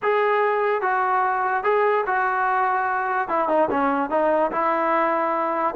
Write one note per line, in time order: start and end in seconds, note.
0.02 0.81 G#4
0.81 1.63 F#4
1.63 2.04 G#4
2.06 3.28 F#4
3.28 3.48 E4
3.48 3.68 D#4
3.70 4.10 C#4
4.10 4.51 D#4
4.51 5.75 E4